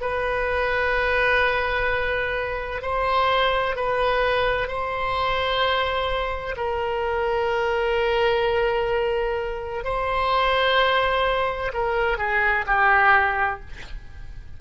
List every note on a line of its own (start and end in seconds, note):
0.00 2.81 B4
2.81 3.75 C5
3.75 4.67 B4
4.67 6.55 C5
6.56 9.84 A#4
9.84 11.71 C5
11.73 12.17 A#4
12.17 12.64 G#4
12.66 13.60 G4